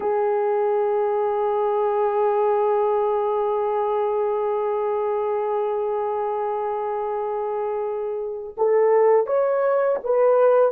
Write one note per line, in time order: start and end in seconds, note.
0.00 8.55 G#4
8.57 9.26 A4
9.26 9.97 C#5
10.03 10.71 B4